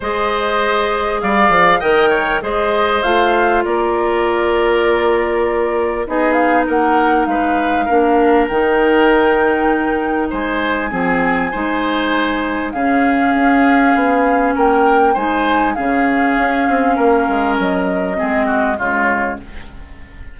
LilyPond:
<<
  \new Staff \with { instrumentName = "flute" } { \time 4/4 \tempo 4 = 99 dis''2 f''4 g''4 | dis''4 f''4 d''2~ | d''2 dis''8 f''8 fis''4 | f''2 g''2~ |
g''4 gis''2.~ | gis''4 f''2. | g''4 gis''4 f''2~ | f''4 dis''2 cis''4 | }
  \new Staff \with { instrumentName = "oboe" } { \time 4/4 c''2 d''4 dis''8 cis''8 | c''2 ais'2~ | ais'2 gis'4 ais'4 | b'4 ais'2.~ |
ais'4 c''4 gis'4 c''4~ | c''4 gis'2. | ais'4 c''4 gis'2 | ais'2 gis'8 fis'8 f'4 | }
  \new Staff \with { instrumentName = "clarinet" } { \time 4/4 gis'2. ais'4 | gis'4 f'2.~ | f'2 dis'2~ | dis'4 d'4 dis'2~ |
dis'2 c'4 dis'4~ | dis'4 cis'2.~ | cis'4 dis'4 cis'2~ | cis'2 c'4 gis4 | }
  \new Staff \with { instrumentName = "bassoon" } { \time 4/4 gis2 g8 f8 dis4 | gis4 a4 ais2~ | ais2 b4 ais4 | gis4 ais4 dis2~ |
dis4 gis4 f4 gis4~ | gis4 cis4 cis'4 b4 | ais4 gis4 cis4 cis'8 c'8 | ais8 gis8 fis4 gis4 cis4 | }
>>